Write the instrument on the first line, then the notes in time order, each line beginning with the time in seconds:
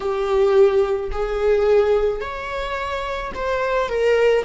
viola
0.00 G4
1.11 G#4
2.20 C#5
3.34 C5
3.89 A#4